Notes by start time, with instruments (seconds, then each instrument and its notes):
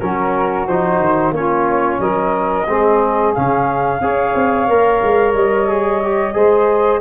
0.00 tuba F#3, trombone C#4, saxophone F#4, flute A#4
0.67 tuba F3, trombone D#4, flute C5
1.00 tuba D#3
1.32 tuba A#3, trombone C#4, saxophone F4, flute C#5
2.00 tuba F#3, saxophone A#4, flute D#5
2.68 tuba G#3, trombone C4, saxophone G#4
3.34 tuba C#3, trombone C#4, flute F5
4.01 tuba C#4, trombone G#4, saxophone C#5
4.35 tuba C4
4.68 tuba A#3, trombone A#4
5.03 tuba G#3
5.34 tuba G3, flute D#5
5.69 trombone G#4
6.03 trombone G4
6.34 tuba G#3, trombone G#4, saxophone C5